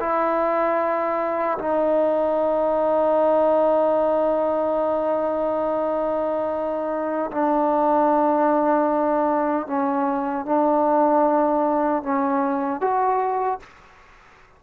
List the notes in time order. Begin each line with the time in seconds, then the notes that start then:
0.00 E4
1.58 D#4
7.31 D4
9.67 C#4
10.45 D4
12.03 C#4
12.81 F#4